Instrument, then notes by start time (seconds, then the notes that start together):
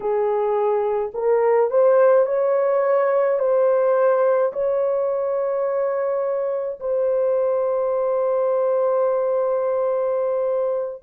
horn
0.00 G#4
1.14 A#4
1.70 C5
2.25 C#5
3.39 C5
4.52 C#5
6.79 C5